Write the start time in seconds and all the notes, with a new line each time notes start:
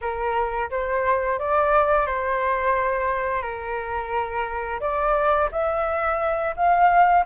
0.01 A#4
0.70 C5
1.39 D5
2.06 C5
3.42 A#4
4.80 D5
5.51 E5
6.56 F5